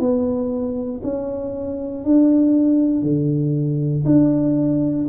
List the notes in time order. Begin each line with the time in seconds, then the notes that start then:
0.00 B3
1.04 C#4
2.05 D4
3.03 D3
4.06 D4